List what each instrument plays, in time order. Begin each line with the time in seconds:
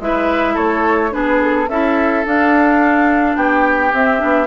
0.00 bassoon G#3, clarinet E4, oboe B4, flute E5
0.54 bassoon A3, oboe A4, flute C#5
1.11 bassoon B3, clarinet D4, oboe G#4, flute B4
1.41 flute A4
1.69 bassoon C#4, clarinet E4, oboe A4, flute E5
2.26 bassoon D4, clarinet D4, flute F5
3.36 bassoon B3, oboe G4, flute G5
3.93 bassoon C4, clarinet C4, flute E5
4.18 bassoon B3, clarinet D4